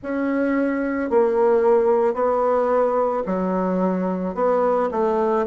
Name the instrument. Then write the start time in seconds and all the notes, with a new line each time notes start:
bassoon
0.02 C#4
1.10 A#3
2.14 B3
3.25 F#3
4.34 B3
4.91 A3